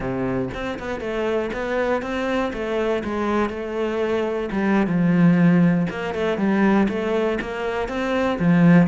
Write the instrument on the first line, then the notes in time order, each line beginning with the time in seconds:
cello
0.00 C3
0.53 C4
0.79 B3
1.00 A3
1.52 B3
2.02 C4
2.52 A3
3.04 G#3
3.49 A3
4.51 G3
4.86 F3
5.90 A#3
6.14 A3
6.38 G3
6.88 A3
7.41 A#3
7.88 C4
8.39 F3